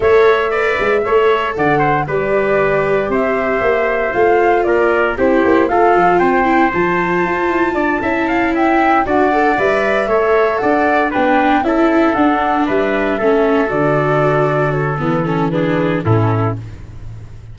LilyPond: <<
  \new Staff \with { instrumentName = "flute" } { \time 4/4 \tempo 4 = 116 e''2. fis''4 | d''2 e''2 | f''4 d''4 c''4 f''4 | g''4 a''2.~ |
a''8 g''4 fis''4 e''4.~ | e''8 fis''4 g''4 e''4 fis''8~ | fis''8 e''2 d''4.~ | d''8 cis''8 b'8 a'8 b'4 a'4 | }
  \new Staff \with { instrumentName = "trumpet" } { \time 4/4 cis''4 d''4 cis''4 d''8 c''8 | b'2 c''2~ | c''4 ais'4 g'4 a'4 | c''2. d''8 e''8 |
f''8 e''4 d''2 cis''8~ | cis''8 d''4 b'4 a'4.~ | a'8 b'4 a'2~ a'8~ | a'2 gis'4 e'4 | }
  \new Staff \with { instrumentName = "viola" } { \time 4/4 a'4 b'4 a'2 | g'1 | f'2 e'4 f'4~ | f'8 e'8 f'2~ f'8 e'8~ |
e'4. fis'8 a'8 b'4 a'8~ | a'4. d'4 e'4 d'8~ | d'4. cis'4 fis'4.~ | fis'4 b8 cis'8 d'4 cis'4 | }
  \new Staff \with { instrumentName = "tuba" } { \time 4/4 a4. gis8 a4 d4 | g2 c'4 ais4 | a4 ais4 c'8 ais8 a8 f8 | c'4 f4 f'8 e'8 d'8 cis'8~ |
cis'4. d'4 g4 a8~ | a8 d'4 b4 cis'4 d'8~ | d'8 g4 a4 d4.~ | d4 e2 a,4 | }
>>